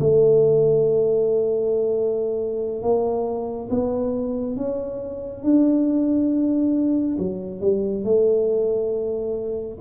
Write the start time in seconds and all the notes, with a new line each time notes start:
0.00 A3
2.82 A#3
3.70 B3
4.57 C#4
5.43 D4
7.19 F#3
7.60 G3
8.04 A3